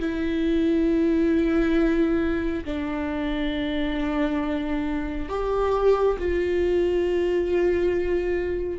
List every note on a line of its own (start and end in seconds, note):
0.00 2.65 E4
2.65 5.29 D4
5.29 6.18 G4
6.19 8.80 F4